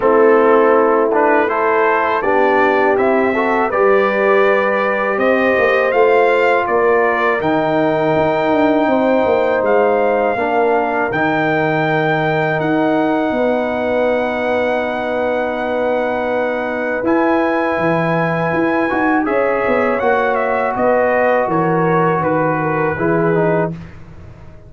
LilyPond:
<<
  \new Staff \with { instrumentName = "trumpet" } { \time 4/4 \tempo 4 = 81 a'4. b'8 c''4 d''4 | e''4 d''2 dis''4 | f''4 d''4 g''2~ | g''4 f''2 g''4~ |
g''4 fis''2.~ | fis''2. gis''4~ | gis''2 e''4 fis''8 e''8 | dis''4 cis''4 b'2 | }
  \new Staff \with { instrumentName = "horn" } { \time 4/4 e'2 a'4 g'4~ | g'8 a'8 b'2 c''4~ | c''4 ais'2. | c''2 ais'2~ |
ais'2 b'2~ | b'1~ | b'2 cis''2 | b'4 ais'4 b'8 ais'8 gis'4 | }
  \new Staff \with { instrumentName = "trombone" } { \time 4/4 c'4. d'8 e'4 d'4 | e'8 fis'8 g'2. | f'2 dis'2~ | dis'2 d'4 dis'4~ |
dis'1~ | dis'2. e'4~ | e'4. fis'8 gis'4 fis'4~ | fis'2. e'8 dis'8 | }
  \new Staff \with { instrumentName = "tuba" } { \time 4/4 a2. b4 | c'4 g2 c'8 ais8 | a4 ais4 dis4 dis'8 d'8 | c'8 ais8 gis4 ais4 dis4~ |
dis4 dis'4 b2~ | b2. e'4 | e4 e'8 dis'8 cis'8 b8 ais4 | b4 e4 dis4 e4 | }
>>